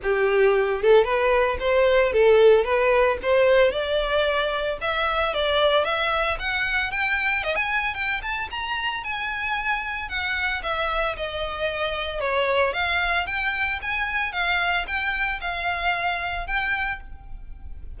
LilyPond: \new Staff \with { instrumentName = "violin" } { \time 4/4 \tempo 4 = 113 g'4. a'8 b'4 c''4 | a'4 b'4 c''4 d''4~ | d''4 e''4 d''4 e''4 | fis''4 g''4 dis''16 gis''8. g''8 a''8 |
ais''4 gis''2 fis''4 | e''4 dis''2 cis''4 | f''4 g''4 gis''4 f''4 | g''4 f''2 g''4 | }